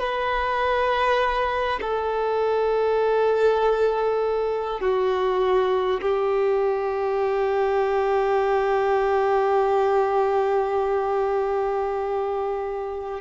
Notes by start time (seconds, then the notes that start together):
0.00 B4
1.82 A4
4.81 F#4
6.02 G4